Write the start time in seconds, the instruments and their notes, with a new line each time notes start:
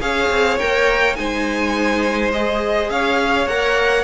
0.00 cello C#4, viola G#4, violin C#5 F5
0.29 cello C4
0.59 cello A#3, viola A#4, violin G5
1.15 cello G#3, viola D#4, violin C5 G#5
2.32 viola G#4, violin D#5
2.89 cello C#4, violin C#5 F5
3.46 cello A#3, viola A#4, violin F#5